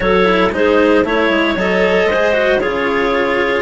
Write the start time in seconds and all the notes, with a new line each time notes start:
0.00 F#3 F#4 A4 C#5
0.24 E4
0.52 G#3 D#4 G#4 C5
1.04 A3 E4 C#5
1.29 G#3
1.55 F#3 A4 D#5
2.05 G#3 C5
2.13 G#4
2.33 F#4
2.59 C#3 F4 G#4 C#5